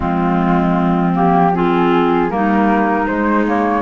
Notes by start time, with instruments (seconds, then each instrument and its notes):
0.00 cello F3, clarinet G#3 C4, flute F4
1.14 clarinet A#3, flute G4
1.53 clarinet C4 F4, flute G#4
2.29 cello G3, clarinet A#3 D#4, flute A#4
3.06 clarinet G#3, cello G#3, flute C5
3.46 clarinet A#3, flute C#5